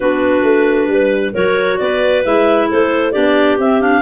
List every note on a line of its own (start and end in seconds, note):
0.00 0.42 B3
0.00 1.35 D4
0.00 0.89 F#4
0.00 1.34 B4
0.42 0.87 A3
0.87 1.32 G3
0.87 1.32 B4
1.32 1.79 F#3
1.32 2.24 F#4
1.32 1.77 A#4
1.32 1.78 C#5
1.78 2.25 B3
1.78 2.69 B4
1.78 2.23 D5
2.24 2.70 G#3
2.24 3.13 E4
2.24 2.69 E5
2.69 3.16 A3
2.69 3.12 A4
2.69 3.12 C5
3.12 3.58 B3
3.12 3.58 D4
3.12 4.01 G4
3.12 3.57 D5
3.58 4.01 C4
3.58 3.80 C4
3.58 3.81 E5
3.80 4.01 D4
3.80 4.01 F5